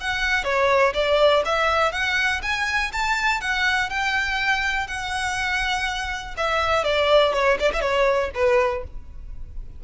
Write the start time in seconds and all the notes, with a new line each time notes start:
0.00 F#5
0.44 C#5
0.94 D5
1.45 E5
1.92 F#5
2.42 G#5
2.92 A5
3.41 F#5
3.89 G5
4.87 F#5
6.37 E5
6.84 D5
7.33 C#5
7.59 D5
7.73 E5
7.81 C#5
8.34 B4